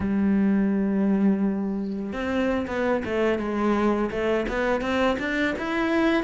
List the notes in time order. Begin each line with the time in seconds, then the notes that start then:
0.00 G3
2.12 C4
2.67 B3
3.04 A3
3.38 G#3
4.10 A3
4.48 B3
4.81 C4
5.19 D4
5.58 E4